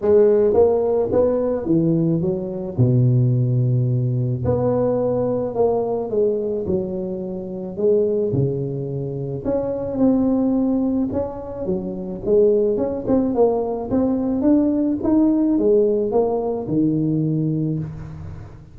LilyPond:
\new Staff \with { instrumentName = "tuba" } { \time 4/4 \tempo 4 = 108 gis4 ais4 b4 e4 | fis4 b,2. | b2 ais4 gis4 | fis2 gis4 cis4~ |
cis4 cis'4 c'2 | cis'4 fis4 gis4 cis'8 c'8 | ais4 c'4 d'4 dis'4 | gis4 ais4 dis2 | }